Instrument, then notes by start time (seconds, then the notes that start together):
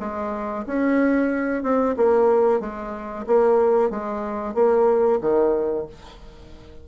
bassoon
0.00 G#3
0.66 C#4
1.63 C4
1.97 A#3
2.60 G#3
3.27 A#3
3.90 G#3
4.54 A#3
5.21 D#3